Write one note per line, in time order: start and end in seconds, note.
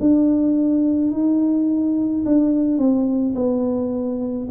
0.00 1.11 D4
1.11 2.24 D#4
2.25 2.78 D4
2.78 3.34 C4
3.35 4.48 B3